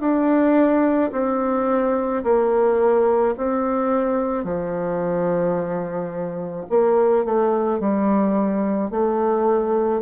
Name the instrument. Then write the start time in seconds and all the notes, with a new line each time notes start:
bassoon
0.00 D4
1.12 C4
2.24 A#3
3.37 C4
4.44 F3
6.70 A#3
7.25 A3
7.80 G3
8.90 A3